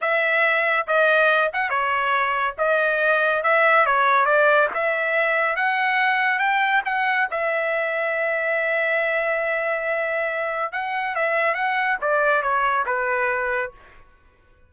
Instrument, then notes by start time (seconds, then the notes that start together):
trumpet
0.01 E5
0.87 D#5
1.53 F#5
1.69 C#5
2.58 D#5
3.43 E5
3.86 C#5
4.25 D5
4.74 E5
5.55 F#5
6.39 G5
6.85 F#5
7.30 E5
10.72 F#5
11.15 E5
11.54 F#5
12.01 D5
12.42 C#5
12.86 B4